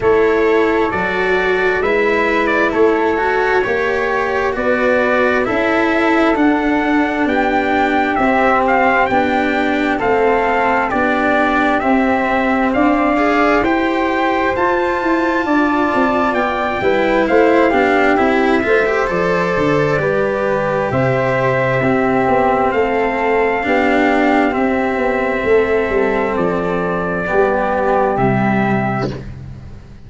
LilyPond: <<
  \new Staff \with { instrumentName = "trumpet" } { \time 4/4 \tempo 4 = 66 cis''4 d''4 e''8. d''16 cis''4~ | cis''4 d''4 e''4 fis''4 | g''4 e''8 f''8 g''4 f''4 | d''4 e''4 f''4 g''4 |
a''2 g''4 f''4 | e''4 d''2 e''4~ | e''4 f''2 e''4~ | e''4 d''2 e''4 | }
  \new Staff \with { instrumentName = "flute" } { \time 4/4 a'2 b'4 a'4 | cis''4 b'4 a'2 | g'2. a'4 | g'2 d''4 c''4~ |
c''4 d''4. b'8 c''8 g'8~ | g'8 c''4. b'4 c''4 | g'4 a'4 g'2 | a'2 g'2 | }
  \new Staff \with { instrumentName = "cello" } { \time 4/4 e'4 fis'4 e'4. fis'8 | g'4 fis'4 e'4 d'4~ | d'4 c'4 d'4 c'4 | d'4 c'4. gis'8 g'4 |
f'2~ f'8 e'4 d'8 | e'8 f'16 g'16 a'4 g'2 | c'2 d'4 c'4~ | c'2 b4 g4 | }
  \new Staff \with { instrumentName = "tuba" } { \time 4/4 a4 fis4 gis4 a4 | ais4 b4 cis'4 d'4 | b4 c'4 b4 a4 | b4 c'4 d'4 e'4 |
f'8 e'8 d'8 c'8 b8 g8 a8 b8 | c'8 a8 f8 d8 g4 c4 | c'8 b8 a4 b4 c'8 b8 | a8 g8 f4 g4 c4 | }
>>